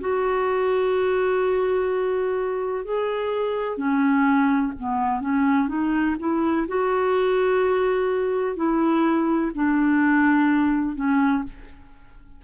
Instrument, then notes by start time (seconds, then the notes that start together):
clarinet
0.00 F#4
2.84 G#4
3.77 C#4
4.79 B3
5.21 C#4
5.68 D#4
6.19 E4
6.68 F#4
8.56 E4
9.55 D4
10.95 C#4